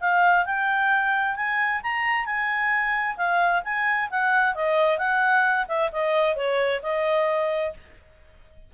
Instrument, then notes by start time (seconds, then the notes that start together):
clarinet
0.00 F5
0.45 G5
1.35 G#5
1.82 A#5
2.25 G#5
3.16 F5
3.64 G#5
4.10 F#5
4.55 D#5
4.98 F#5
5.68 E5
5.92 D#5
6.35 C#5
6.82 D#5